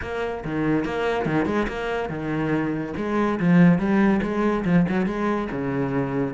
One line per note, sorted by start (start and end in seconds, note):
0.01 0.43 A#3
0.44 0.84 D#3
0.84 1.25 A#3
1.25 1.45 D#3
1.45 1.66 G#3
1.68 2.09 A#3
2.09 2.93 D#3
2.96 3.39 G#3
3.39 3.78 F3
3.78 4.20 G3
4.22 4.64 G#3
4.65 4.86 F3
4.89 5.06 F#3
5.06 5.48 G#3
5.51 6.33 C#3